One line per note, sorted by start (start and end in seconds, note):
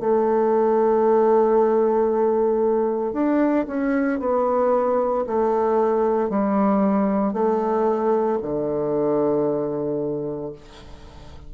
0.00 3.13 A3
3.13 3.66 D4
3.67 4.20 C#4
4.20 5.25 B3
5.27 6.30 A3
6.30 7.33 G3
7.33 8.39 A3
8.43 10.53 D3